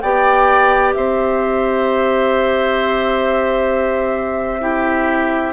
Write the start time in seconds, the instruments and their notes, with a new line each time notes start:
0.00 bassoon B3, clarinet G4, oboe D5, flute G5
0.93 bassoon C4, oboe C5, flute E5
4.61 clarinet E4, oboe G4